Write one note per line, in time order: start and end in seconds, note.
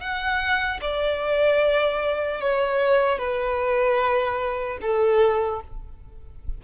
0.00 0.80 F#5
0.81 2.41 D5
2.41 3.18 C#5
3.18 4.78 B4
4.81 5.61 A4